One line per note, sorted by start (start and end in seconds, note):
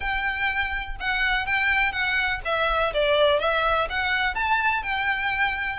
0.00 0.96 G5
1.00 1.46 F#5
1.46 1.92 G5
1.92 2.40 F#5
2.44 2.93 E5
2.93 3.39 D5
3.39 3.88 E5
3.89 4.34 F#5
4.34 4.83 A5
4.83 5.79 G5